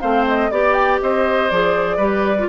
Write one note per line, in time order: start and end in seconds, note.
0.00 0.50 A3
0.00 0.50 C4
0.00 0.50 C5
0.00 0.25 F5
0.28 0.51 D#5
0.50 1.00 B3
0.50 1.50 G4
0.50 0.73 D5
0.50 1.00 D5
0.73 0.97 G5
1.02 1.51 C4
1.02 1.96 C5
1.02 1.50 D#5
1.50 1.97 F3
1.50 1.99 G#4
1.50 2.49 D5
1.96 2.46 G3
1.96 2.36 G4
1.96 2.46 B4
2.38 2.49 F4